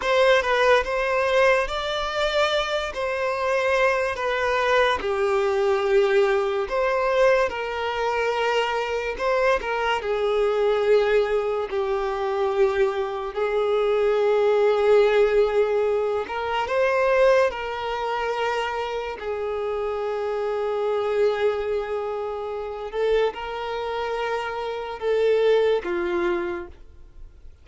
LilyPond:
\new Staff \with { instrumentName = "violin" } { \time 4/4 \tempo 4 = 72 c''8 b'8 c''4 d''4. c''8~ | c''4 b'4 g'2 | c''4 ais'2 c''8 ais'8 | gis'2 g'2 |
gis'2.~ gis'8 ais'8 | c''4 ais'2 gis'4~ | gis'2.~ gis'8 a'8 | ais'2 a'4 f'4 | }